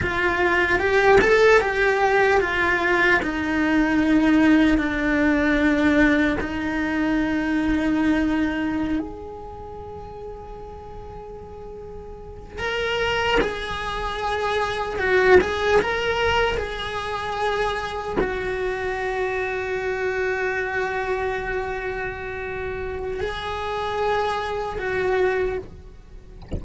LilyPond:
\new Staff \with { instrumentName = "cello" } { \time 4/4 \tempo 4 = 75 f'4 g'8 a'8 g'4 f'4 | dis'2 d'2 | dis'2.~ dis'16 gis'8.~ | gis'2.~ gis'8. ais'16~ |
ais'8. gis'2 fis'8 gis'8 ais'16~ | ais'8. gis'2 fis'4~ fis'16~ | fis'1~ | fis'4 gis'2 fis'4 | }